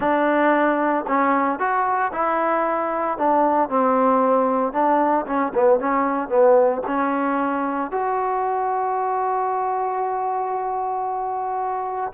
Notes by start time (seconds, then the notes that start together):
0.00 D4
1.07 C#4
1.59 F#4
2.12 E4
3.17 D4
3.69 C4
4.72 D4
5.26 C#4
5.54 B3
5.79 C#4
6.28 B3
6.86 C#4
7.91 F#4